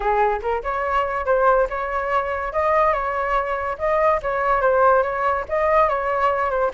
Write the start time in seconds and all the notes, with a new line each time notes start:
0.00 G#4
0.41 A#4
0.63 C#5
1.25 C5
1.69 C#5
2.52 D#5
2.93 C#5
3.78 D#5
4.22 C#5
4.61 C5
5.02 C#5
5.49 D#5
5.88 C#5
6.50 C5